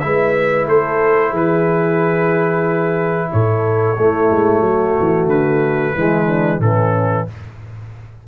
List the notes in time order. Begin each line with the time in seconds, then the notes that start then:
0.00 G#3 E4 B4 E5
0.67 A3 A4 C5
1.31 E3 G#4
1.37 B4
3.32 A2 A4 C#5
3.98 A3 E4
4.31 G#3
4.61 F#3 F#4
5.00 E3
5.26 D3 B4
5.96 E3 G#3 E4
6.27 D4
6.60 A2 E3 C#4 A4